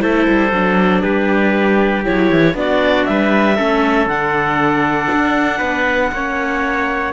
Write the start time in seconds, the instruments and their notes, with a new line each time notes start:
0.00 cello A3, viola E4, trumpet A4, clarinet C5
0.29 cello G3
0.52 cello F#3, viola D4
1.02 cello G3, trumpet G4, clarinet B4
2.05 cello F#3, viola E4, clarinet C#5
2.31 cello E3
2.54 cello B3, viola D4, trumpet F#4, clarinet D5
3.06 cello G3, trumpet B4, clarinet E5
3.56 cello A3, viola C#4, trumpet A4
4.06 cello D3, viola D4, clarinet F#5
5.12 cello D4
5.58 cello B3, trumpet B4
6.12 cello A#3, viola C#4, trumpet C#5